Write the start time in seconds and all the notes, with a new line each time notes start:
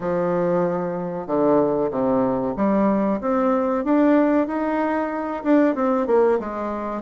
0.00 F3
1.26 D3
1.91 C3
2.56 G3
3.20 C4
3.84 D4
4.47 D#4
5.43 D4
5.75 C4
6.06 A#3
6.39 G#3